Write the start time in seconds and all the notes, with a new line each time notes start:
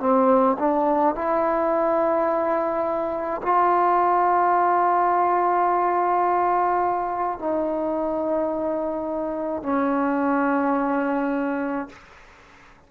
0.00 C4
0.59 D4
1.15 E4
3.43 F4
7.39 D#4
9.63 C#4